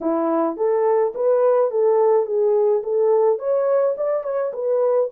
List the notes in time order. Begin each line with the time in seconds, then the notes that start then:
0.01 E4
0.56 A4
1.14 B4
1.70 A4
2.25 G#4
2.83 A4
3.38 C#5
3.97 D5
4.23 C#5
4.53 B4